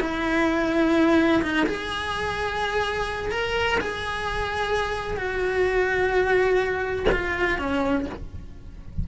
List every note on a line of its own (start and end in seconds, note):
0.00 1.42 E4
1.42 1.66 D#4
1.66 3.31 G#4
3.31 3.78 A#4
3.81 5.17 G#4
5.17 7.06 F#4
7.11 7.58 F4
7.58 8.06 C#4